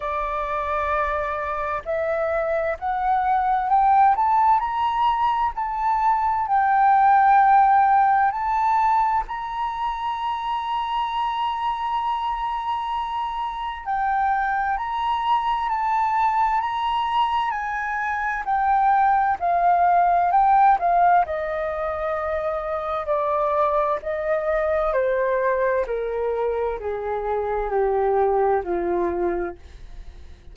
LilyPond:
\new Staff \with { instrumentName = "flute" } { \time 4/4 \tempo 4 = 65 d''2 e''4 fis''4 | g''8 a''8 ais''4 a''4 g''4~ | g''4 a''4 ais''2~ | ais''2. g''4 |
ais''4 a''4 ais''4 gis''4 | g''4 f''4 g''8 f''8 dis''4~ | dis''4 d''4 dis''4 c''4 | ais'4 gis'4 g'4 f'4 | }